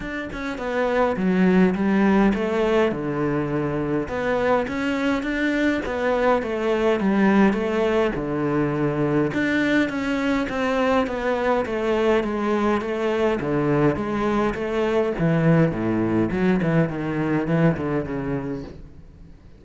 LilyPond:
\new Staff \with { instrumentName = "cello" } { \time 4/4 \tempo 4 = 103 d'8 cis'8 b4 fis4 g4 | a4 d2 b4 | cis'4 d'4 b4 a4 | g4 a4 d2 |
d'4 cis'4 c'4 b4 | a4 gis4 a4 d4 | gis4 a4 e4 a,4 | fis8 e8 dis4 e8 d8 cis4 | }